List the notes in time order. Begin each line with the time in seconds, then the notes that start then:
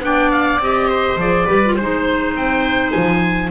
0.00 B3 D4 D5 G5
0.31 F5
0.58 C4 G4 D#5
0.88 C5
1.16 F3 G#4 D5
1.46 G3 G4 B4
1.65 F4
1.75 G#3 D#4 C5
2.35 C4 G5
2.91 F3 G#5